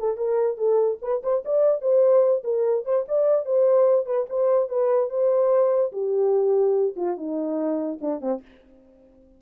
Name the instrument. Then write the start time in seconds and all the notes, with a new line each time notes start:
horn
0.00 A4
0.17 A#4
0.58 A4
1.02 B4
1.23 C5
1.46 D5
1.82 C5
2.44 A#4
2.85 C5
3.09 D5
3.46 C5
4.06 B4
4.30 C5
4.69 B4
5.10 C5
5.93 G4
6.97 F4
7.17 D#4
8.01 D4
8.22 C4